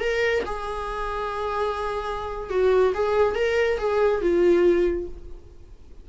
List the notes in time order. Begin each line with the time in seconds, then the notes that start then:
0.00 A#4
0.45 G#4
2.50 F#4
2.94 G#4
3.35 A#4
3.78 G#4
4.21 F4